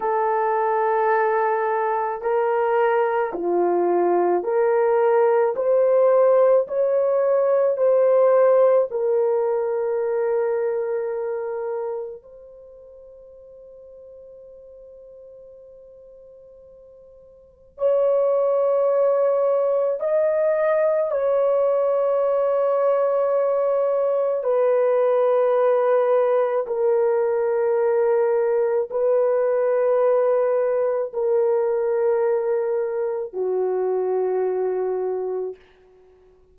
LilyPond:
\new Staff \with { instrumentName = "horn" } { \time 4/4 \tempo 4 = 54 a'2 ais'4 f'4 | ais'4 c''4 cis''4 c''4 | ais'2. c''4~ | c''1 |
cis''2 dis''4 cis''4~ | cis''2 b'2 | ais'2 b'2 | ais'2 fis'2 | }